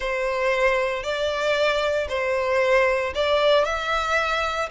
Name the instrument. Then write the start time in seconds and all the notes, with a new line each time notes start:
violin
0.00 C5
1.03 D5
2.09 C5
3.14 D5
3.65 E5